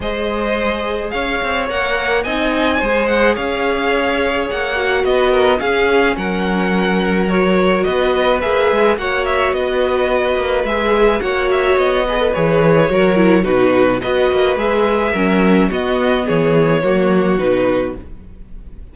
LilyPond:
<<
  \new Staff \with { instrumentName = "violin" } { \time 4/4 \tempo 4 = 107 dis''2 f''4 fis''4 | gis''4. fis''8 f''2 | fis''4 dis''4 f''4 fis''4~ | fis''4 cis''4 dis''4 e''4 |
fis''8 e''8 dis''2 e''4 | fis''8 e''8 dis''4 cis''2 | b'4 dis''4 e''2 | dis''4 cis''2 b'4 | }
  \new Staff \with { instrumentName = "violin" } { \time 4/4 c''2 cis''2 | dis''4 c''4 cis''2~ | cis''4 b'8 ais'8 gis'4 ais'4~ | ais'2 b'2 |
cis''4 b'2. | cis''4. b'4. ais'4 | fis'4 b'2 ais'4 | fis'4 gis'4 fis'2 | }
  \new Staff \with { instrumentName = "viola" } { \time 4/4 gis'2. ais'4 | dis'4 gis'2.~ | gis'8 fis'4. cis'2~ | cis'4 fis'2 gis'4 |
fis'2. gis'4 | fis'4. gis'16 a'16 gis'4 fis'8 e'8 | dis'4 fis'4 gis'4 cis'4 | b2 ais4 dis'4 | }
  \new Staff \with { instrumentName = "cello" } { \time 4/4 gis2 cis'8 c'8 ais4 | c'4 gis4 cis'2 | ais4 b4 cis'4 fis4~ | fis2 b4 ais8 gis8 |
ais4 b4. ais8 gis4 | ais4 b4 e4 fis4 | b,4 b8 ais8 gis4 fis4 | b4 e4 fis4 b,4 | }
>>